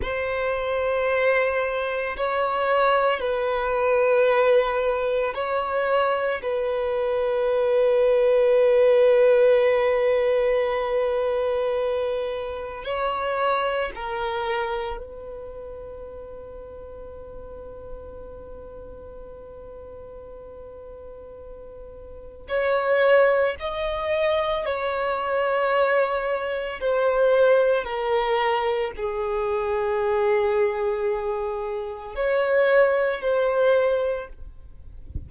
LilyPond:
\new Staff \with { instrumentName = "violin" } { \time 4/4 \tempo 4 = 56 c''2 cis''4 b'4~ | b'4 cis''4 b'2~ | b'1 | cis''4 ais'4 b'2~ |
b'1~ | b'4 cis''4 dis''4 cis''4~ | cis''4 c''4 ais'4 gis'4~ | gis'2 cis''4 c''4 | }